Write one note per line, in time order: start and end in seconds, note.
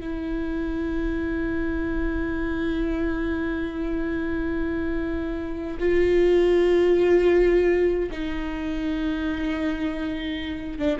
0.00 5.77 E4
5.79 8.10 F4
8.10 10.78 D#4
10.78 10.98 D4